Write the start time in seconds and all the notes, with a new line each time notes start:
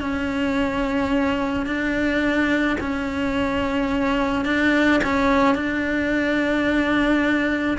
0.00 C#4
1.66 D4
2.80 C#4
4.45 D4
5.04 C#4
5.55 D4